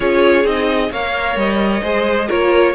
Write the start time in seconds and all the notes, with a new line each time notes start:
0.00 C#4 F4 G#4 C#5
0.44 C4 D#4 D#5
0.91 A#3 A#4 C#5 F5
1.35 G3 D#5
1.82 G#3 G#4 C5
2.27 A#3 F4 A#4 C#5